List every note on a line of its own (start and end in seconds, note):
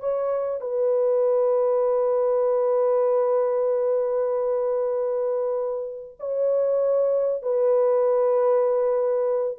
0.00 0.61 C#5
0.61 6.18 B4
6.19 7.43 C#5
7.43 9.58 B4